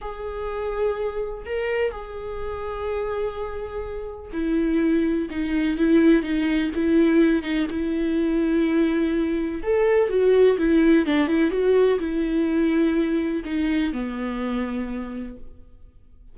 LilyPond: \new Staff \with { instrumentName = "viola" } { \time 4/4 \tempo 4 = 125 gis'2. ais'4 | gis'1~ | gis'4 e'2 dis'4 | e'4 dis'4 e'4. dis'8 |
e'1 | a'4 fis'4 e'4 d'8 e'8 | fis'4 e'2. | dis'4 b2. | }